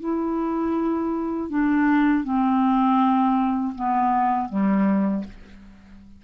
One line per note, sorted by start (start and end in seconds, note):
0.00 1.50 E4
1.50 2.24 D4
2.24 3.74 C4
3.75 4.49 B3
4.49 5.24 G3